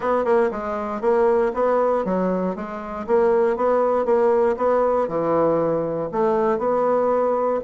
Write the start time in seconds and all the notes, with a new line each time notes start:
0.00 B3
0.24 A#3
0.51 G#3
1.01 A#3
1.54 B3
2.05 F#3
2.55 G#3
3.06 A#3
3.56 B3
4.05 A#3
4.56 B3
5.08 E3
6.11 A3
6.58 B3